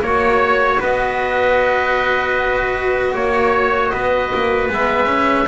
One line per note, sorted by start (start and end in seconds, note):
0.00 0.78 A#3
0.00 4.69 F#4
0.00 0.81 C#5
0.00 0.80 C#5
0.80 3.14 B3
0.80 3.14 B4
0.80 3.16 D#5
3.15 3.93 A#3
3.15 3.93 C#5
3.15 3.90 C#5
3.90 4.33 B3
3.90 5.48 B4
3.90 4.68 D#5
4.34 4.69 A#3
4.69 5.47 G#3
4.69 5.06 B3
4.69 5.48 E5
5.06 5.45 C#4